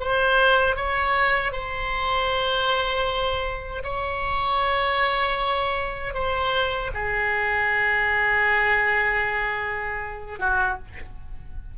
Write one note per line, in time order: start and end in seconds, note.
0.00 0.76 C5
0.76 1.52 C#5
1.52 3.83 C5
3.84 6.14 C#5
6.14 6.91 C5
6.94 10.40 G#4
10.40 10.78 F#4